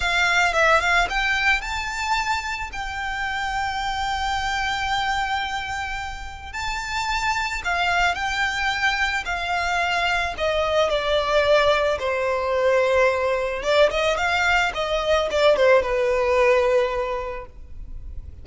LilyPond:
\new Staff \with { instrumentName = "violin" } { \time 4/4 \tempo 4 = 110 f''4 e''8 f''8 g''4 a''4~ | a''4 g''2.~ | g''1 | a''2 f''4 g''4~ |
g''4 f''2 dis''4 | d''2 c''2~ | c''4 d''8 dis''8 f''4 dis''4 | d''8 c''8 b'2. | }